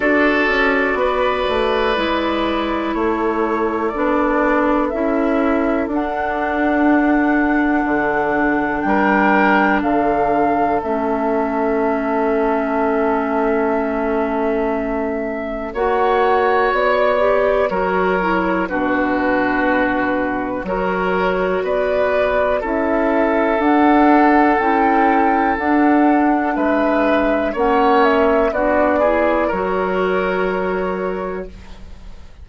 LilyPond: <<
  \new Staff \with { instrumentName = "flute" } { \time 4/4 \tempo 4 = 61 d''2. cis''4 | d''4 e''4 fis''2~ | fis''4 g''4 f''4 e''4~ | e''1 |
fis''4 d''4 cis''4 b'4~ | b'4 cis''4 d''4 e''4 | fis''4 g''4 fis''4 e''4 | fis''8 e''8 d''4 cis''2 | }
  \new Staff \with { instrumentName = "oboe" } { \time 4/4 a'4 b'2 a'4~ | a'1~ | a'4 ais'4 a'2~ | a'1 |
cis''2 ais'4 fis'4~ | fis'4 ais'4 b'4 a'4~ | a'2. b'4 | cis''4 fis'8 gis'8 ais'2 | }
  \new Staff \with { instrumentName = "clarinet" } { \time 4/4 fis'2 e'2 | d'4 e'4 d'2~ | d'2. cis'4~ | cis'1 |
fis'4. g'8 fis'8 e'8 d'4~ | d'4 fis'2 e'4 | d'4 e'4 d'2 | cis'4 d'8 e'8 fis'2 | }
  \new Staff \with { instrumentName = "bassoon" } { \time 4/4 d'8 cis'8 b8 a8 gis4 a4 | b4 cis'4 d'2 | d4 g4 d4 a4~ | a1 |
ais4 b4 fis4 b,4~ | b,4 fis4 b4 cis'4 | d'4 cis'4 d'4 gis4 | ais4 b4 fis2 | }
>>